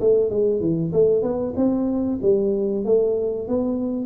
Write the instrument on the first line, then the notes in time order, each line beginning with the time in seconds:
tuba
0.00 A3
0.30 G#3
0.60 E3
0.93 A3
1.22 B3
1.56 C4
2.22 G3
2.85 A3
3.48 B3